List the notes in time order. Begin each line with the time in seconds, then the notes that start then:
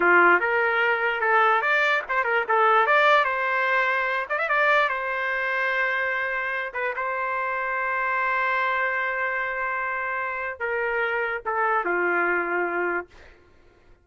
0.00 F4
0.40 A#4
1.20 A4
1.61 D5
2.08 C5
2.24 A#4
2.48 A4
2.86 D5
3.24 C5
4.29 D5
4.38 E5
4.48 D5
4.88 C5
6.73 B4
6.96 C5
10.59 A#4
11.45 A4
11.84 F4